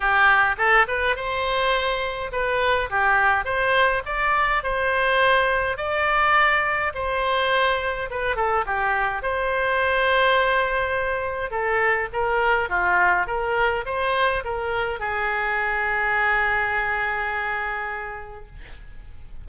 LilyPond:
\new Staff \with { instrumentName = "oboe" } { \time 4/4 \tempo 4 = 104 g'4 a'8 b'8 c''2 | b'4 g'4 c''4 d''4 | c''2 d''2 | c''2 b'8 a'8 g'4 |
c''1 | a'4 ais'4 f'4 ais'4 | c''4 ais'4 gis'2~ | gis'1 | }